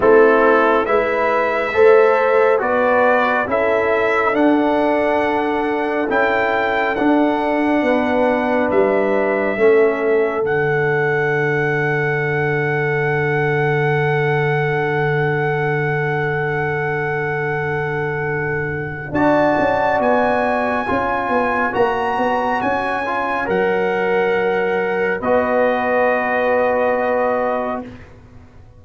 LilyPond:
<<
  \new Staff \with { instrumentName = "trumpet" } { \time 4/4 \tempo 4 = 69 a'4 e''2 d''4 | e''4 fis''2 g''4 | fis''2 e''2 | fis''1~ |
fis''1~ | fis''2 a''4 gis''4~ | gis''4 ais''4 gis''4 fis''4~ | fis''4 dis''2. | }
  \new Staff \with { instrumentName = "horn" } { \time 4/4 e'4 b'4 c''4 b'4 | a'1~ | a'4 b'2 a'4~ | a'1~ |
a'1~ | a'2 d''2 | cis''1~ | cis''4 b'2. | }
  \new Staff \with { instrumentName = "trombone" } { \time 4/4 c'4 e'4 a'4 fis'4 | e'4 d'2 e'4 | d'2. cis'4 | d'1~ |
d'1~ | d'2 fis'2 | f'4 fis'4. f'8 ais'4~ | ais'4 fis'2. | }
  \new Staff \with { instrumentName = "tuba" } { \time 4/4 a4 gis4 a4 b4 | cis'4 d'2 cis'4 | d'4 b4 g4 a4 | d1~ |
d1~ | d2 d'8 cis'8 b4 | cis'8 b8 ais8 b8 cis'4 fis4~ | fis4 b2. | }
>>